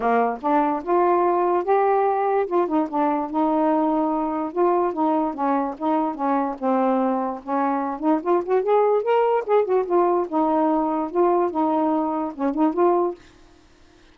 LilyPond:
\new Staff \with { instrumentName = "saxophone" } { \time 4/4 \tempo 4 = 146 ais4 d'4 f'2 | g'2 f'8 dis'8 d'4 | dis'2. f'4 | dis'4 cis'4 dis'4 cis'4 |
c'2 cis'4. dis'8 | f'8 fis'8 gis'4 ais'4 gis'8 fis'8 | f'4 dis'2 f'4 | dis'2 cis'8 dis'8 f'4 | }